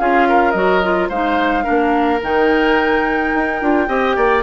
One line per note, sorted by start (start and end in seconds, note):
0.00 0.55 C#4
0.00 0.55 F4
0.00 0.28 G#4
0.00 0.52 F5
0.29 1.09 A#4
0.52 1.10 F#3
0.52 0.83 F#4
0.52 1.07 D#5
0.83 1.11 F4
1.09 1.66 G#3
1.09 1.64 D#4
1.09 1.64 C5
1.09 2.21 F5
1.64 2.22 A#3
1.64 2.20 D4
1.64 3.86 A#4
2.22 3.34 D#3
2.22 3.62 D#4
2.22 4.43 G5
3.35 3.62 D#4
3.62 3.88 D4
3.62 3.88 F4
3.88 4.16 C4
3.88 4.43 G4
3.88 4.16 D#5
4.17 4.43 A#3
4.17 4.43 D5